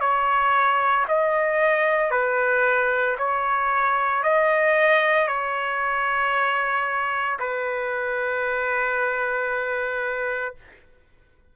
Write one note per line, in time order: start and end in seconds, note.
0.00 1.05 C#5
1.08 2.11 D#5
2.11 3.16 B4
3.18 4.23 C#5
4.23 5.27 D#5
5.27 7.38 C#5
7.39 10.55 B4